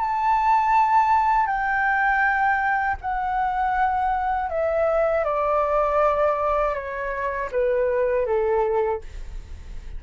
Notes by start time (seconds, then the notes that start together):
0.00 A5
1.47 G5
3.01 F#5
4.49 E5
5.24 D5
6.74 C#5
7.52 B4
8.26 A4